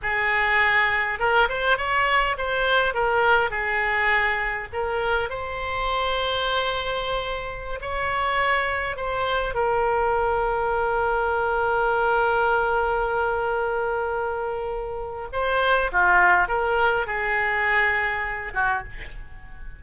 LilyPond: \new Staff \with { instrumentName = "oboe" } { \time 4/4 \tempo 4 = 102 gis'2 ais'8 c''8 cis''4 | c''4 ais'4 gis'2 | ais'4 c''2.~ | c''4~ c''16 cis''2 c''8.~ |
c''16 ais'2.~ ais'8.~ | ais'1~ | ais'2 c''4 f'4 | ais'4 gis'2~ gis'8 fis'8 | }